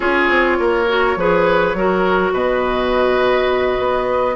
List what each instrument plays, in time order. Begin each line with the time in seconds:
0.00 bassoon C#4, clarinet F4, oboe G#4, flute C#5
0.29 bassoon C4
0.59 bassoon A#3, oboe A#4
0.87 clarinet F#4
1.15 bassoon F3, clarinet G#4, oboe B4
1.74 bassoon F#3, clarinet F#4, oboe A#4
2.31 bassoon B2, oboe B4, flute D#5
3.78 bassoon B3